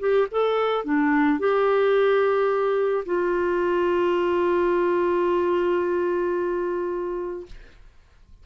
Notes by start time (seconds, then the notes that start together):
0.00 G4
0.31 A4
0.85 D4
1.40 G4
3.06 F4